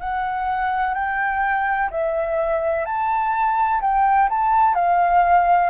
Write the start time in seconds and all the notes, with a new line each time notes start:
0.00 F#5
0.94 G5
1.90 E5
2.85 A5
3.81 G5
4.29 A5
4.74 F5